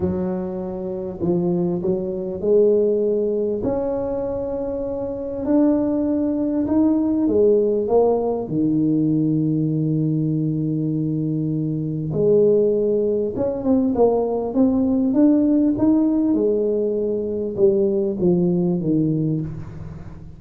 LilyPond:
\new Staff \with { instrumentName = "tuba" } { \time 4/4 \tempo 4 = 99 fis2 f4 fis4 | gis2 cis'2~ | cis'4 d'2 dis'4 | gis4 ais4 dis2~ |
dis1 | gis2 cis'8 c'8 ais4 | c'4 d'4 dis'4 gis4~ | gis4 g4 f4 dis4 | }